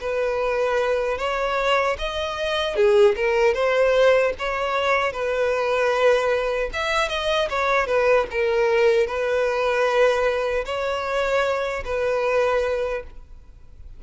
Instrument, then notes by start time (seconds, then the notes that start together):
violin
0.00 B4
1.18 C#5
1.98 D#5
2.76 G#4
3.16 A#4
3.54 C5
4.39 C#5
5.12 B4
6.73 E5
7.09 D#5
7.50 C#5
7.87 B4
8.31 A#4
9.07 B4
10.65 C#5
11.85 B4